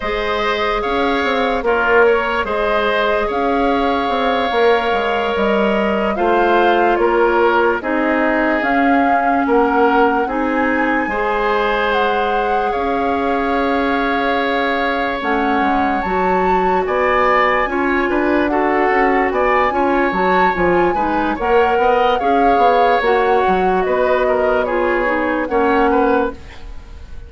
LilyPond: <<
  \new Staff \with { instrumentName = "flute" } { \time 4/4 \tempo 4 = 73 dis''4 f''4 cis''4 dis''4 | f''2~ f''8 dis''4 f''8~ | f''8 cis''4 dis''4 f''4 fis''8~ | fis''8 gis''2 fis''4 f''8~ |
f''2~ f''8 fis''4 a''8~ | a''8 gis''2 fis''4 gis''8~ | gis''8 a''8 gis''4 fis''4 f''4 | fis''4 dis''4 cis''4 fis''4 | }
  \new Staff \with { instrumentName = "oboe" } { \time 4/4 c''4 cis''4 f'8 cis''8 c''4 | cis''2.~ cis''8 c''8~ | c''8 ais'4 gis'2 ais'8~ | ais'8 gis'4 c''2 cis''8~ |
cis''1~ | cis''8 d''4 cis''8 b'8 a'4 d''8 | cis''4. b'8 cis''8 dis''8 cis''4~ | cis''4 b'8 ais'8 gis'4 cis''8 b'8 | }
  \new Staff \with { instrumentName = "clarinet" } { \time 4/4 gis'2 ais'4 gis'4~ | gis'4. ais'2 f'8~ | f'4. dis'4 cis'4.~ | cis'8 dis'4 gis'2~ gis'8~ |
gis'2~ gis'8 cis'4 fis'8~ | fis'4. f'4 fis'4. | f'8 fis'8 f'8 dis'8 ais'4 gis'4 | fis'2 f'8 dis'8 cis'4 | }
  \new Staff \with { instrumentName = "bassoon" } { \time 4/4 gis4 cis'8 c'8 ais4 gis4 | cis'4 c'8 ais8 gis8 g4 a8~ | a8 ais4 c'4 cis'4 ais8~ | ais8 c'4 gis2 cis'8~ |
cis'2~ cis'8 a8 gis8 fis8~ | fis8 b4 cis'8 d'4 cis'8 b8 | cis'8 fis8 f8 gis8 ais8 b8 cis'8 b8 | ais8 fis8 b2 ais4 | }
>>